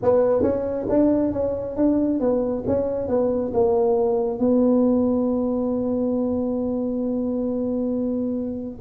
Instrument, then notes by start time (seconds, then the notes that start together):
tuba
0.02 B3
0.42 C#4
0.89 D4
1.32 C#4
1.76 D4
2.19 B3
2.66 C#4
3.08 B3
3.53 A#3
4.38 B3